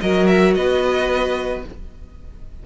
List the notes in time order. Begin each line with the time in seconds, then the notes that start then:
0.00 F#3 F#4 A#4 D#5
0.26 E5
0.54 B3 B4 D#5